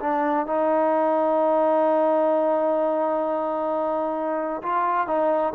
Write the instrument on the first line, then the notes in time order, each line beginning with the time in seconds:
trombone
0.00 D4
0.47 D#4
4.62 F4
5.07 D#4